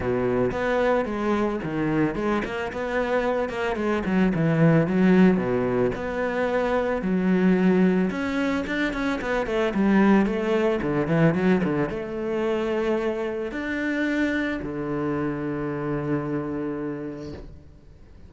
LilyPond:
\new Staff \with { instrumentName = "cello" } { \time 4/4 \tempo 4 = 111 b,4 b4 gis4 dis4 | gis8 ais8 b4. ais8 gis8 fis8 | e4 fis4 b,4 b4~ | b4 fis2 cis'4 |
d'8 cis'8 b8 a8 g4 a4 | d8 e8 fis8 d8 a2~ | a4 d'2 d4~ | d1 | }